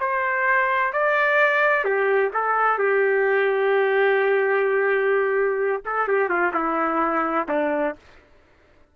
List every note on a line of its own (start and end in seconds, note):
0.00 0.93 C5
0.93 1.84 D5
1.84 2.31 G4
2.34 2.79 A4
2.79 5.83 G4
5.85 6.08 A4
6.08 6.29 G4
6.29 6.53 F4
6.54 7.48 E4
7.49 7.96 D4